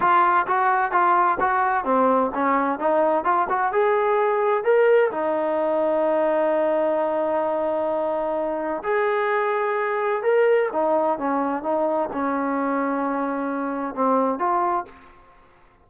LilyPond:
\new Staff \with { instrumentName = "trombone" } { \time 4/4 \tempo 4 = 129 f'4 fis'4 f'4 fis'4 | c'4 cis'4 dis'4 f'8 fis'8 | gis'2 ais'4 dis'4~ | dis'1~ |
dis'2. gis'4~ | gis'2 ais'4 dis'4 | cis'4 dis'4 cis'2~ | cis'2 c'4 f'4 | }